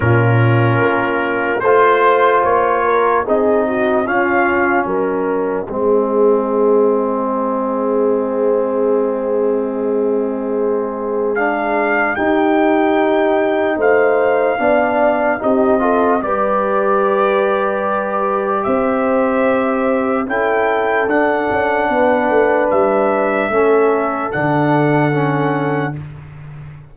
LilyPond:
<<
  \new Staff \with { instrumentName = "trumpet" } { \time 4/4 \tempo 4 = 74 ais'2 c''4 cis''4 | dis''4 f''4 dis''2~ | dis''1~ | dis''2 f''4 g''4~ |
g''4 f''2 dis''4 | d''2. e''4~ | e''4 g''4 fis''2 | e''2 fis''2 | }
  \new Staff \with { instrumentName = "horn" } { \time 4/4 f'2 c''4. ais'8 | gis'8 fis'8 f'4 ais'4 gis'4~ | gis'1~ | gis'2. g'4~ |
g'4 c''4 d''4 g'8 a'8 | b'2. c''4~ | c''4 a'2 b'4~ | b'4 a'2. | }
  \new Staff \with { instrumentName = "trombone" } { \time 4/4 cis'2 f'2 | dis'4 cis'2 c'4~ | c'1~ | c'2 d'4 dis'4~ |
dis'2 d'4 dis'8 f'8 | g'1~ | g'4 e'4 d'2~ | d'4 cis'4 d'4 cis'4 | }
  \new Staff \with { instrumentName = "tuba" } { \time 4/4 ais,4 ais4 a4 ais4 | c'4 cis'4 fis4 gis4~ | gis1~ | gis2. dis'4~ |
dis'4 a4 b4 c'4 | g2. c'4~ | c'4 cis'4 d'8 cis'8 b8 a8 | g4 a4 d2 | }
>>